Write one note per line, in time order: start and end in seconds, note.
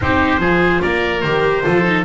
0.01 0.39 C4
0.01 0.39 D#4
0.01 0.40 G4
0.01 0.82 C5
0.39 0.80 F3
0.39 1.21 F4
0.39 0.81 G#4
0.81 1.23 A#3
0.81 1.63 A#4
0.81 1.21 D5
1.21 1.64 D#3
1.21 1.64 G4
1.21 2.03 C5
1.64 2.05 F3
1.64 1.84 F4
1.64 2.05 A4
1.84 2.04 D#4